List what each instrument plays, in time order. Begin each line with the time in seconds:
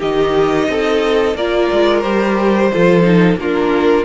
0.00 cello D#3, viola D#4, violin G4 D#5
0.69 cello C4, violin A4
1.35 cello A#3, viola F4, violin A#4 D5
1.72 cello G#3
2.02 cello G3, viola G4, violin C5
2.73 cello F3, viola F4, violin A4
3.03 viola D#4
3.37 cello A#3, viola D4, violin F4 A#4